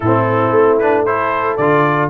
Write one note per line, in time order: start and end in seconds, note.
0.00 0.50 A2
0.00 0.81 C4
0.00 1.05 E4
0.00 0.78 A4
0.50 1.56 A3
0.78 1.06 D4
0.78 1.05 B4
1.05 1.59 E4
1.05 2.10 A4
1.05 1.56 C5
1.56 2.10 D3
1.56 2.10 F4
1.56 2.09 D5